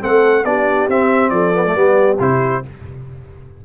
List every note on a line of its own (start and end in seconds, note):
0.00 0.44 A3
0.00 0.43 C4
0.00 0.45 A4
0.00 0.44 F#5
0.44 0.87 B3
0.44 0.89 D4
0.44 1.32 G4
0.44 0.88 D5
0.88 1.30 C4
0.88 1.53 C4
0.88 1.30 E5
1.30 1.74 F3
1.30 1.75 A4
1.30 2.16 D5
1.53 1.64 B3
1.66 1.74 A3
1.74 2.19 G3
1.74 2.18 B3
1.74 2.63 G4
2.19 2.62 C3
2.19 2.62 E4
2.19 2.65 C5